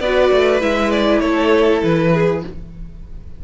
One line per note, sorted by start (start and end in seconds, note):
0.00 0.30 B3
0.00 0.61 F#4
0.00 1.22 B4
0.00 0.61 D5
0.32 0.62 A3
0.61 1.21 G#3
0.61 2.43 E4
0.61 0.91 E5
0.91 1.20 D5
1.20 1.82 A3
1.20 2.13 A4
1.20 1.80 C#5
1.83 2.44 E3
1.83 2.44 B4
2.13 2.43 G#4